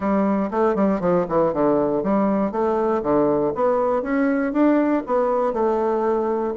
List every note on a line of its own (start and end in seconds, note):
0.00 0.50 G3
0.50 0.75 A3
0.75 1.00 G3
1.00 1.25 F3
1.29 1.53 E3
1.53 2.03 D3
2.03 2.51 G3
2.51 3.02 A3
3.02 3.53 D3
3.54 4.02 B3
4.02 4.52 C#4
4.52 5.03 D4
5.06 5.53 B3
5.53 6.54 A3